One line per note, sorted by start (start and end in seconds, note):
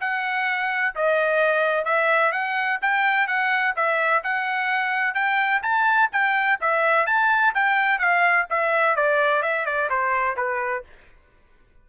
0.00 0.94 F#5
0.95 1.85 D#5
1.85 2.31 E5
2.31 2.79 F#5
2.81 3.27 G5
3.27 3.74 F#5
3.76 4.23 E5
4.23 5.14 F#5
5.14 5.61 G5
5.62 6.09 A5
6.12 6.59 G5
6.61 7.06 E5
7.06 7.53 A5
7.54 7.98 G5
7.98 8.46 F5
8.50 8.95 E5
8.95 9.42 D5
9.42 9.65 E5
9.65 9.89 D5
9.89 10.36 C5
10.36 10.83 B4